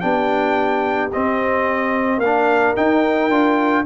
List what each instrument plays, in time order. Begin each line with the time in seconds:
0.00 tuba B3, trombone D4, horn G4, trumpet G5
1.12 trombone C4, tuba C4, trumpet D#5
2.17 tuba A#3, horn A#4, trumpet F5
2.24 trombone D4
2.76 trombone D#4, tuba D#4, trumpet G5
3.30 tuba D4, trombone F4